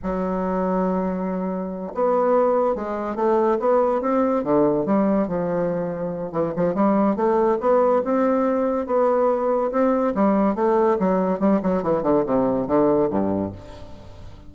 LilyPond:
\new Staff \with { instrumentName = "bassoon" } { \time 4/4 \tempo 4 = 142 fis1~ | fis8 b2 gis4 a8~ | a8 b4 c'4 d4 g8~ | g8 f2~ f8 e8 f8 |
g4 a4 b4 c'4~ | c'4 b2 c'4 | g4 a4 fis4 g8 fis8 | e8 d8 c4 d4 g,4 | }